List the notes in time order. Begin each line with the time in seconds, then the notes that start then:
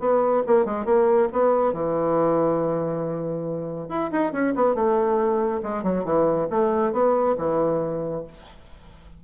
0.00 B3
0.47 A#3
0.65 G#3
0.85 A#3
1.33 B3
1.73 E3
3.89 E4
4.12 D#4
4.33 C#4
4.55 B3
4.75 A3
5.63 G#3
5.83 F#3
6.05 E3
6.50 A3
6.92 B3
7.38 E3